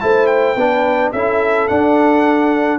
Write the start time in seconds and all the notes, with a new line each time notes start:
0.00 A3 E4 C5 A5
0.27 G5
0.56 B3 D4 B4
1.12 C#4 E4 A4 E5
1.68 D4 F#5